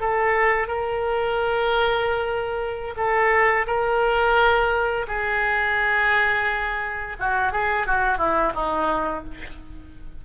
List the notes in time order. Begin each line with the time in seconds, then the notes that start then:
0.00 A4
0.68 A#4
2.96 A4
3.67 A#4
5.07 G#4
7.20 F#4
7.52 G#4
7.86 F#4
8.18 E4
8.54 D#4